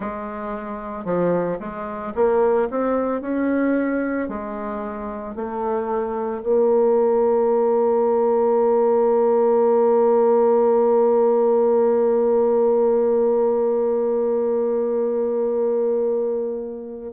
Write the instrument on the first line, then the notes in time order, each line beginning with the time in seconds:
bassoon
0.00 G#3
1.04 F3
1.59 G#3
2.15 A#3
2.70 C4
3.21 C#4
4.28 G#3
5.35 A3
6.42 A#3